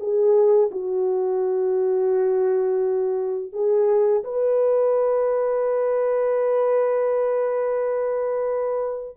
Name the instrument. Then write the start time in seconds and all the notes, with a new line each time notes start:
horn
0.00 G#4
0.71 F#4
3.53 G#4
4.24 B4